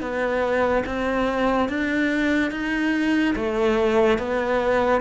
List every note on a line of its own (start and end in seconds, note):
0.00 0.83 B3
0.86 1.69 C4
1.69 2.51 D4
2.51 3.34 D#4
3.35 4.18 A3
4.18 5.01 B3